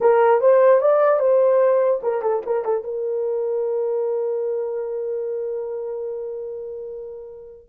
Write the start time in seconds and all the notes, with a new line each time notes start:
0.01 A#4
0.41 C5
0.81 D5
1.19 C5
2.02 A#4
2.22 A4
2.45 A#4
2.64 A4
2.83 A#4